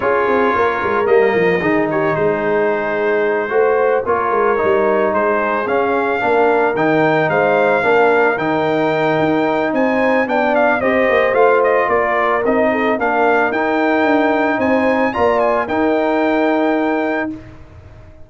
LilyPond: <<
  \new Staff \with { instrumentName = "trumpet" } { \time 4/4 \tempo 4 = 111 cis''2 dis''4. cis''8 | c''2.~ c''8 cis''8~ | cis''4. c''4 f''4.~ | f''8 g''4 f''2 g''8~ |
g''2 gis''4 g''8 f''8 | dis''4 f''8 dis''8 d''4 dis''4 | f''4 g''2 gis''4 | ais''8 gis''8 g''2. | }
  \new Staff \with { instrumentName = "horn" } { \time 4/4 gis'4 ais'2 gis'8 g'8 | gis'2~ gis'8 c''4 ais'8~ | ais'4. gis'2 ais'8~ | ais'4. c''4 ais'4.~ |
ais'2 c''4 d''4 | c''2 ais'4. a'8 | ais'2. c''4 | d''4 ais'2. | }
  \new Staff \with { instrumentName = "trombone" } { \time 4/4 f'2 ais4 dis'4~ | dis'2~ dis'8 fis'4 f'8~ | f'8 dis'2 cis'4 d'8~ | d'8 dis'2 d'4 dis'8~ |
dis'2. d'4 | g'4 f'2 dis'4 | d'4 dis'2. | f'4 dis'2. | }
  \new Staff \with { instrumentName = "tuba" } { \time 4/4 cis'8 c'8 ais8 gis8 g8 f8 dis4 | gis2~ gis8 a4 ais8 | gis8 g4 gis4 cis'4 ais8~ | ais8 dis4 gis4 ais4 dis8~ |
dis4 dis'4 c'4 b4 | c'8 ais8 a4 ais4 c'4 | ais4 dis'4 d'4 c'4 | ais4 dis'2. | }
>>